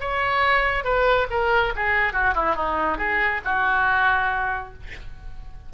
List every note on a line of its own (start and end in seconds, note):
0.00 0.84 C#5
0.84 1.27 B4
1.30 1.73 A#4
1.76 2.13 G#4
2.13 2.34 F#4
2.34 2.55 E4
2.55 2.98 D#4
2.98 3.41 G#4
3.44 4.73 F#4